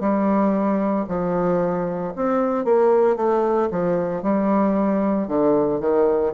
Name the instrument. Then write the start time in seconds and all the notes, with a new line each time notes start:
bassoon
0.00 G3
1.08 F3
2.15 C4
2.65 A#3
3.16 A3
3.71 F3
4.22 G3
5.28 D3
5.80 D#3